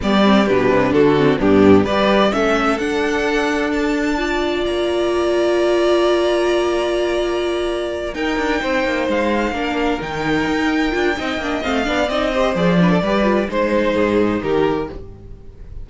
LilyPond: <<
  \new Staff \with { instrumentName = "violin" } { \time 4/4 \tempo 4 = 129 d''4 b'4 a'4 g'4 | d''4 e''4 fis''2 | a''2 ais''2~ | ais''1~ |
ais''4. g''2 f''8~ | f''4. g''2~ g''8~ | g''4 f''4 dis''4 d''4~ | d''4 c''2 ais'4 | }
  \new Staff \with { instrumentName = "violin" } { \time 4/4 g'2 fis'4 d'4 | b'4 a'2.~ | a'4 d''2.~ | d''1~ |
d''4. ais'4 c''4.~ | c''8 ais'2.~ ais'8 | dis''4. d''4 c''4 b'16 a'16 | b'4 c''4 gis'4 g'4 | }
  \new Staff \with { instrumentName = "viola" } { \time 4/4 b8 c'8 d'4. c'8 b4 | g'4 cis'4 d'2~ | d'4 f'2.~ | f'1~ |
f'4. dis'2~ dis'8~ | dis'8 d'4 dis'2 f'8 | dis'8 d'8 c'8 d'8 dis'8 g'8 gis'8 d'8 | g'8 f'8 dis'2. | }
  \new Staff \with { instrumentName = "cello" } { \time 4/4 g4 b,8 c8 d4 g,4 | g4 a4 d'2~ | d'2 ais2~ | ais1~ |
ais4. dis'8 d'8 c'8 ais8 gis8~ | gis8 ais4 dis4 dis'4 d'8 | c'8 ais8 a8 b8 c'4 f4 | g4 gis4 gis,4 dis4 | }
>>